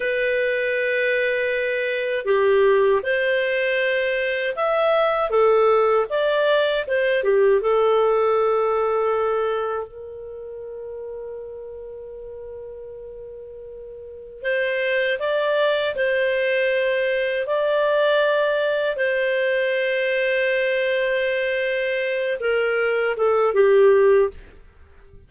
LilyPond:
\new Staff \with { instrumentName = "clarinet" } { \time 4/4 \tempo 4 = 79 b'2. g'4 | c''2 e''4 a'4 | d''4 c''8 g'8 a'2~ | a'4 ais'2.~ |
ais'2. c''4 | d''4 c''2 d''4~ | d''4 c''2.~ | c''4. ais'4 a'8 g'4 | }